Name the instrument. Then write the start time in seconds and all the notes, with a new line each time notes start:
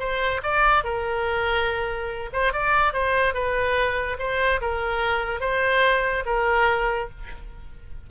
oboe
0.00 C5
0.43 D5
0.84 A#4
2.34 C5
2.53 D5
2.94 C5
3.34 B4
4.19 C5
4.62 A#4
5.41 C5
6.26 A#4